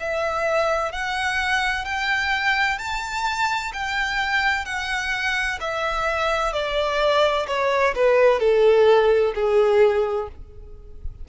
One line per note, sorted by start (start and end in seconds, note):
0.00 0.92 E5
0.92 1.85 F#5
1.85 2.78 G5
2.78 3.72 A5
3.73 4.65 G5
4.65 5.59 F#5
5.60 6.53 E5
6.53 7.47 D5
7.47 7.94 C#5
7.95 8.39 B4
8.39 9.33 A4
9.35 10.28 G#4